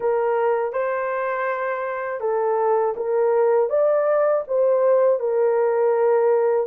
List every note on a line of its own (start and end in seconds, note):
0.00 0.72 A#4
0.72 2.20 C5
2.20 2.94 A4
2.96 3.69 A#4
3.69 4.43 D5
4.47 5.19 C5
5.19 6.66 A#4